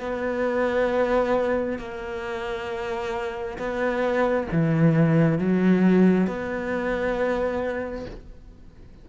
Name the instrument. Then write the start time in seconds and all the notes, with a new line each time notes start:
cello
0.00 B3
1.79 A#3
3.58 B3
4.52 E3
5.39 F#3
6.27 B3